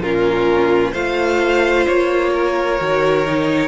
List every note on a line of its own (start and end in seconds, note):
0.00 0.92 A#2
0.00 0.95 C#4
0.00 0.92 F4
0.00 0.95 A#4
0.92 1.87 A3
0.92 2.79 F4
0.92 2.31 C5
0.92 1.87 F5
1.87 2.80 A#3
1.87 3.68 C#5
2.33 3.68 A#4
2.79 3.68 D#3
2.79 3.26 F#4
3.27 3.68 D#4